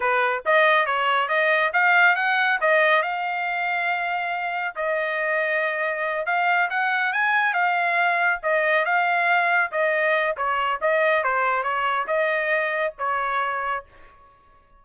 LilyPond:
\new Staff \with { instrumentName = "trumpet" } { \time 4/4 \tempo 4 = 139 b'4 dis''4 cis''4 dis''4 | f''4 fis''4 dis''4 f''4~ | f''2. dis''4~ | dis''2~ dis''8 f''4 fis''8~ |
fis''8 gis''4 f''2 dis''8~ | dis''8 f''2 dis''4. | cis''4 dis''4 c''4 cis''4 | dis''2 cis''2 | }